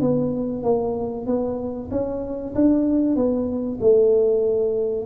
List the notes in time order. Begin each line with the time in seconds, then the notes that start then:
0.00 B3
0.62 A#3
1.26 B3
1.91 C#4
2.54 D4
3.15 B3
3.80 A3